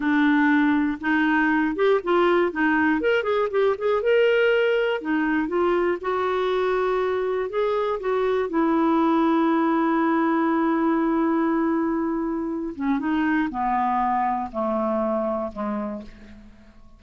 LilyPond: \new Staff \with { instrumentName = "clarinet" } { \time 4/4 \tempo 4 = 120 d'2 dis'4. g'8 | f'4 dis'4 ais'8 gis'8 g'8 gis'8 | ais'2 dis'4 f'4 | fis'2. gis'4 |
fis'4 e'2.~ | e'1~ | e'4. cis'8 dis'4 b4~ | b4 a2 gis4 | }